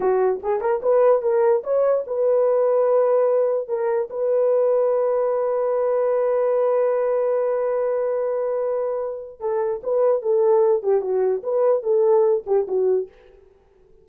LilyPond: \new Staff \with { instrumentName = "horn" } { \time 4/4 \tempo 4 = 147 fis'4 gis'8 ais'8 b'4 ais'4 | cis''4 b'2.~ | b'4 ais'4 b'2~ | b'1~ |
b'1~ | b'2. a'4 | b'4 a'4. g'8 fis'4 | b'4 a'4. g'8 fis'4 | }